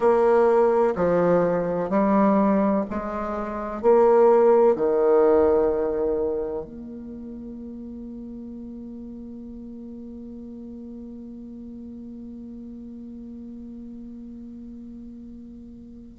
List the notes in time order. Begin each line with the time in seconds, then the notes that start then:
0.00 A#3
0.95 F3
1.89 G3
2.90 G#3
3.82 A#3
4.75 D#3
6.65 A#3